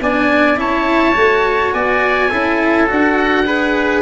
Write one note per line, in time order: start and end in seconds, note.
0.00 0.57 B3
0.00 0.56 D4
0.00 0.59 D5
0.00 0.59 G#5
0.56 1.14 C#4
0.56 1.13 E4
0.56 1.74 C#5
0.56 1.73 A5
1.14 1.73 A3
1.14 2.29 F#4
1.73 2.31 B3
1.73 2.30 D5
1.73 2.88 G#5
2.30 2.90 C#4
2.30 2.87 E4
2.30 3.45 A4
2.87 4.02 D4
2.87 3.44 F#4
2.87 4.02 F#5
3.45 4.02 G#4
3.45 4.02 B4